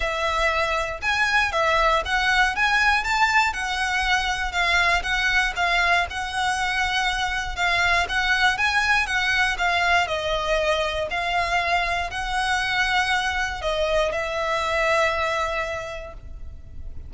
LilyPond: \new Staff \with { instrumentName = "violin" } { \time 4/4 \tempo 4 = 119 e''2 gis''4 e''4 | fis''4 gis''4 a''4 fis''4~ | fis''4 f''4 fis''4 f''4 | fis''2. f''4 |
fis''4 gis''4 fis''4 f''4 | dis''2 f''2 | fis''2. dis''4 | e''1 | }